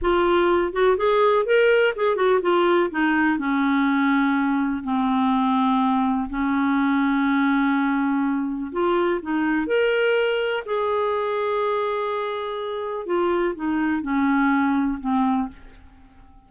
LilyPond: \new Staff \with { instrumentName = "clarinet" } { \time 4/4 \tempo 4 = 124 f'4. fis'8 gis'4 ais'4 | gis'8 fis'8 f'4 dis'4 cis'4~ | cis'2 c'2~ | c'4 cis'2.~ |
cis'2 f'4 dis'4 | ais'2 gis'2~ | gis'2. f'4 | dis'4 cis'2 c'4 | }